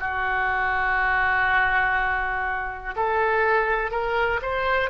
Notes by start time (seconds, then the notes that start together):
0.00 F#4
2.96 A4
3.92 A#4
4.42 C5